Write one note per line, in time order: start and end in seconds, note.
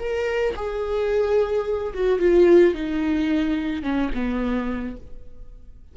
0.00 0.55 A#4
0.56 1.94 G#4
1.94 2.20 F#4
2.20 2.75 F4
2.75 3.83 D#4
3.83 4.11 C#4
4.15 4.97 B3